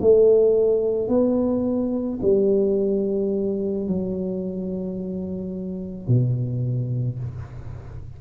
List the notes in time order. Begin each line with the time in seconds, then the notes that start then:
0.00 A3
1.08 B3
2.22 G3
3.87 F#3
6.08 B2